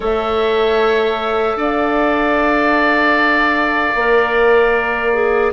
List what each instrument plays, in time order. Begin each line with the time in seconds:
0.00 bassoon A3, clarinet A4, oboe C#5, flute E5
1.56 bassoon D4, oboe D5, flute F5
3.94 bassoon A#3, clarinet A#4
5.13 clarinet G#4